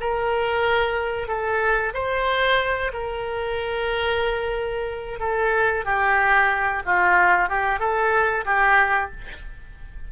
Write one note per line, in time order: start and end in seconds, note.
0.00 1.28 A#4
1.28 1.93 A4
1.94 2.92 C5
2.93 5.20 A#4
5.20 5.85 A4
5.85 6.83 G4
6.85 7.49 F4
7.49 7.79 G4
7.79 8.45 A4
8.45 9.11 G4